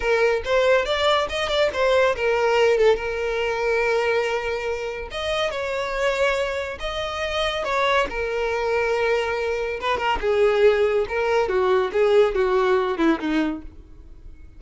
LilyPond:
\new Staff \with { instrumentName = "violin" } { \time 4/4 \tempo 4 = 141 ais'4 c''4 d''4 dis''8 d''8 | c''4 ais'4. a'8 ais'4~ | ais'1 | dis''4 cis''2. |
dis''2 cis''4 ais'4~ | ais'2. b'8 ais'8 | gis'2 ais'4 fis'4 | gis'4 fis'4. e'8 dis'4 | }